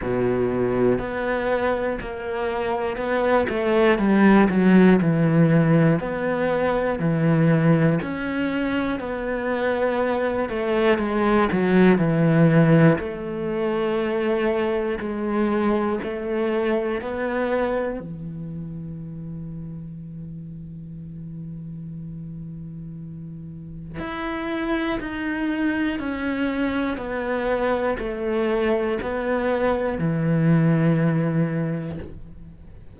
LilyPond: \new Staff \with { instrumentName = "cello" } { \time 4/4 \tempo 4 = 60 b,4 b4 ais4 b8 a8 | g8 fis8 e4 b4 e4 | cis'4 b4. a8 gis8 fis8 | e4 a2 gis4 |
a4 b4 e2~ | e1 | e'4 dis'4 cis'4 b4 | a4 b4 e2 | }